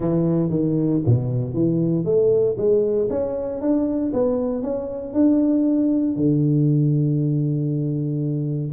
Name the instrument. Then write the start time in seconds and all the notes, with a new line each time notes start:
tuba
0.00 E3
0.50 D#3
1.05 B2
1.54 E3
2.04 A3
2.57 G#3
3.09 C#4
3.61 D4
4.13 B3
4.62 C#4
5.13 D4
6.16 D3